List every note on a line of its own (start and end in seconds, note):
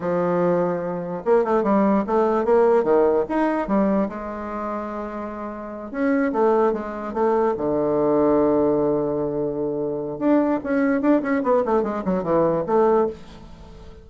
0.00 1.23 F3
1.24 1.44 A#3
1.44 1.63 A3
1.63 2.04 G3
2.06 2.44 A3
2.44 2.83 A#3
2.83 3.24 D#3
3.29 3.67 D#4
3.67 4.08 G3
4.09 5.91 G#3
5.91 6.32 C#4
6.32 6.72 A3
6.72 7.13 G#3
7.13 7.54 A3
7.57 10.19 D3
10.19 10.59 D4
10.63 11.01 C#4
11.01 11.21 D4
11.22 11.42 C#4
11.43 11.63 B3
11.65 11.83 A3
11.83 12.03 G#3
12.04 12.23 F#3
12.23 12.64 E3
12.66 13.07 A3